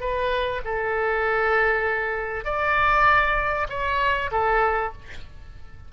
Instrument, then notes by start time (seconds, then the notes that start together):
oboe
0.00 B4
0.65 A4
2.44 D5
3.69 C#5
4.31 A4